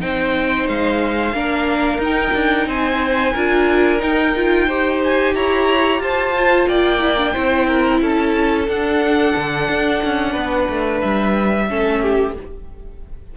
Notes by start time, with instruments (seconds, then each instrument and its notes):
0.00 cello C4, viola D#4, violin C5 G5
0.67 cello G#3, violin F5
1.34 cello A#3, viola D4, violin A#4
1.97 cello D#4, viola D#4
2.04 violin G5
2.34 cello D4
2.66 cello C4, violin C5 G#5
3.33 cello D4, viola F4, violin A#4
3.99 viola D#4, cello D#4, violin G5
4.36 viola F4
4.67 viola G4, violin C5
5.04 violin G#5
5.35 cello E4, violin C#5 A#5
5.99 cello F4, violin C5 A5
6.36 viola F4
6.68 cello A#3, violin D5 G5
7.00 viola E4
7.17 viola D4
7.33 cello C4, viola E4, violin C5
7.67 violin A#4
8.01 cello C#4, violin A4 A5
8.67 viola D4, cello D4, violin F#5
9.36 cello D3
9.69 cello D4
10.04 cello C#4
10.32 cello B3, violin B4
10.69 cello A3
11.00 cello G3, violin E5
11.67 cello A3, viola C#4, violin A4
12.02 violin G4